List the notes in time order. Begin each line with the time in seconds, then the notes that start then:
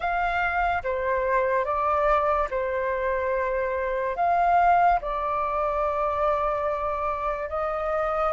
0.00 F5
0.83 C5
1.64 D5
2.50 C5
4.16 F5
5.01 D5
7.49 D#5